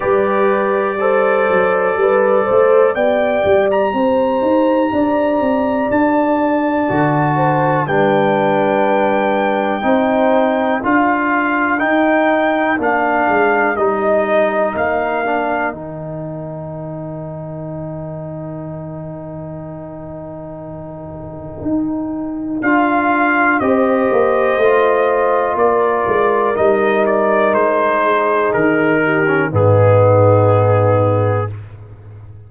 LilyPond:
<<
  \new Staff \with { instrumentName = "trumpet" } { \time 4/4 \tempo 4 = 61 d''2. g''8. ais''16~ | ais''2 a''2 | g''2. f''4 | g''4 f''4 dis''4 f''4 |
g''1~ | g''2. f''4 | dis''2 d''4 dis''8 d''8 | c''4 ais'4 gis'2 | }
  \new Staff \with { instrumentName = "horn" } { \time 4/4 b'4 c''4 b'8 c''8 d''4 | c''4 d''2~ d''8 c''8 | b'2 c''4 ais'4~ | ais'1~ |
ais'1~ | ais'1 | c''2 ais'2~ | ais'8 gis'4 g'8 dis'2 | }
  \new Staff \with { instrumentName = "trombone" } { \time 4/4 g'4 a'2 g'4~ | g'2. fis'4 | d'2 dis'4 f'4 | dis'4 d'4 dis'4. d'8 |
dis'1~ | dis'2. f'4 | g'4 f'2 dis'4~ | dis'4.~ dis'16 cis'16 b2 | }
  \new Staff \with { instrumentName = "tuba" } { \time 4/4 g4. fis8 g8 a8 b8 g8 | c'8 dis'8 d'8 c'8 d'4 d4 | g2 c'4 d'4 | dis'4 ais8 gis8 g4 ais4 |
dis1~ | dis2 dis'4 d'4 | c'8 ais8 a4 ais8 gis8 g4 | gis4 dis4 gis,2 | }
>>